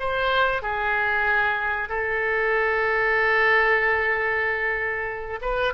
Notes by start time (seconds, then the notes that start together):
0.00 C5
0.63 G#4
1.89 A4
5.42 B4